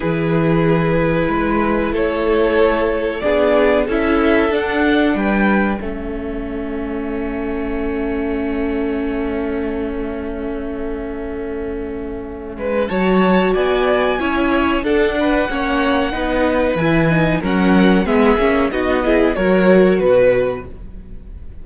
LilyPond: <<
  \new Staff \with { instrumentName = "violin" } { \time 4/4 \tempo 4 = 93 b'2. cis''4~ | cis''4 d''4 e''4 fis''4 | g''4 e''2.~ | e''1~ |
e''1 | a''4 gis''2 fis''4~ | fis''2 gis''4 fis''4 | e''4 dis''4 cis''4 b'4 | }
  \new Staff \with { instrumentName = "violin" } { \time 4/4 gis'2 b'4 a'4~ | a'4 gis'4 a'2 | b'4 a'2.~ | a'1~ |
a'2.~ a'8 b'8 | cis''4 d''4 cis''4 a'8 b'8 | cis''4 b'2 ais'4 | gis'4 fis'8 gis'8 ais'4 b'4 | }
  \new Staff \with { instrumentName = "viola" } { \time 4/4 e'1~ | e'4 d'4 e'4 d'4~ | d'4 cis'2.~ | cis'1~ |
cis'1 | fis'2 e'4 d'4 | cis'4 dis'4 e'8 dis'8 cis'4 | b8 cis'8 dis'8 e'8 fis'2 | }
  \new Staff \with { instrumentName = "cello" } { \time 4/4 e2 gis4 a4~ | a4 b4 cis'4 d'4 | g4 a2.~ | a1~ |
a2.~ a8 gis8 | fis4 b4 cis'4 d'4 | ais4 b4 e4 fis4 | gis8 ais8 b4 fis4 b,4 | }
>>